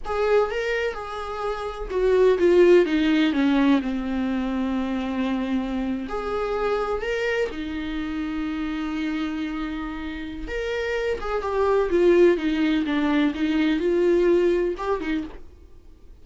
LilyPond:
\new Staff \with { instrumentName = "viola" } { \time 4/4 \tempo 4 = 126 gis'4 ais'4 gis'2 | fis'4 f'4 dis'4 cis'4 | c'1~ | c'8. gis'2 ais'4 dis'16~ |
dis'1~ | dis'2 ais'4. gis'8 | g'4 f'4 dis'4 d'4 | dis'4 f'2 g'8 dis'8 | }